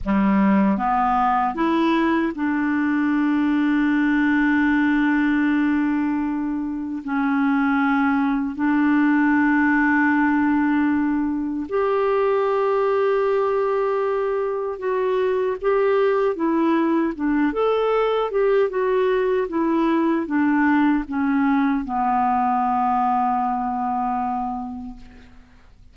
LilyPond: \new Staff \with { instrumentName = "clarinet" } { \time 4/4 \tempo 4 = 77 g4 b4 e'4 d'4~ | d'1~ | d'4 cis'2 d'4~ | d'2. g'4~ |
g'2. fis'4 | g'4 e'4 d'8 a'4 g'8 | fis'4 e'4 d'4 cis'4 | b1 | }